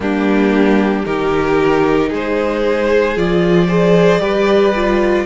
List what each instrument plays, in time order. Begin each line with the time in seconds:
0.00 cello G3, viola A#3, violin D4 G4
1.05 cello D#3, viola D#4, violin G4 A#4
2.09 cello G#3, violin G#4 C5
3.16 cello F3, viola F4, violin D5
3.68 viola G#4, violin C5
4.18 cello G3, viola G4, violin B4
4.75 viola F4